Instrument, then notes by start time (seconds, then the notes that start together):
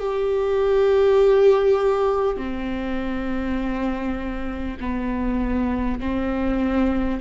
viola
0.00 G4
2.37 C4
4.81 B3
6.01 C4